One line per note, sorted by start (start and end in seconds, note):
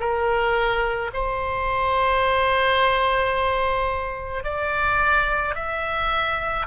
0.00 1.11 A#4
1.14 4.44 C5
4.44 5.56 D5
5.56 6.67 E5